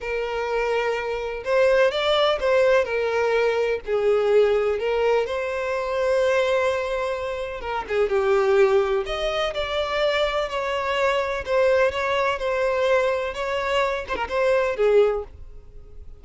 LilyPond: \new Staff \with { instrumentName = "violin" } { \time 4/4 \tempo 4 = 126 ais'2. c''4 | d''4 c''4 ais'2 | gis'2 ais'4 c''4~ | c''1 |
ais'8 gis'8 g'2 dis''4 | d''2 cis''2 | c''4 cis''4 c''2 | cis''4. c''16 ais'16 c''4 gis'4 | }